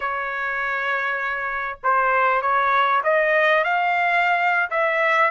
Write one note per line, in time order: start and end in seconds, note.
0.00 1.78 C#5
1.83 2.41 C5
2.41 3.02 C#5
3.03 3.64 D#5
3.64 4.70 F5
4.70 5.31 E5